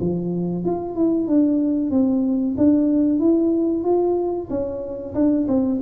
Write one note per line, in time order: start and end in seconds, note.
0.00 0.64 F3
0.64 0.95 F4
0.95 1.27 E4
1.27 1.91 D4
1.91 2.55 C4
2.57 3.19 D4
3.19 3.84 E4
3.84 4.48 F4
4.50 5.14 C#4
5.14 5.47 D4
5.48 5.80 C4